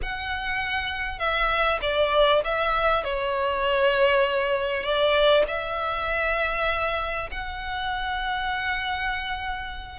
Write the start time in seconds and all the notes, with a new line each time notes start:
0.02 F#5
1.18 E5
1.81 D5
2.44 E5
3.03 C#5
4.83 D5
5.47 E5
7.31 F#5